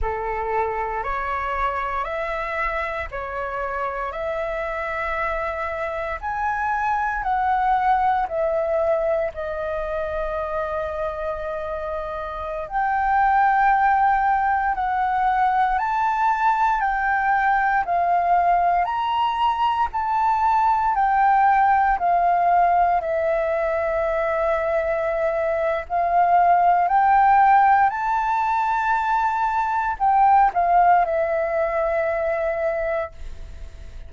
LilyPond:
\new Staff \with { instrumentName = "flute" } { \time 4/4 \tempo 4 = 58 a'4 cis''4 e''4 cis''4 | e''2 gis''4 fis''4 | e''4 dis''2.~ | dis''16 g''2 fis''4 a''8.~ |
a''16 g''4 f''4 ais''4 a''8.~ | a''16 g''4 f''4 e''4.~ e''16~ | e''4 f''4 g''4 a''4~ | a''4 g''8 f''8 e''2 | }